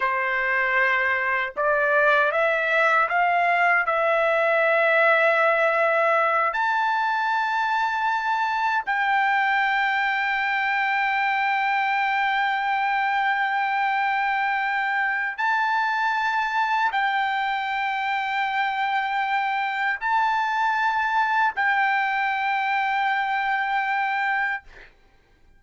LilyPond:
\new Staff \with { instrumentName = "trumpet" } { \time 4/4 \tempo 4 = 78 c''2 d''4 e''4 | f''4 e''2.~ | e''8 a''2. g''8~ | g''1~ |
g''1 | a''2 g''2~ | g''2 a''2 | g''1 | }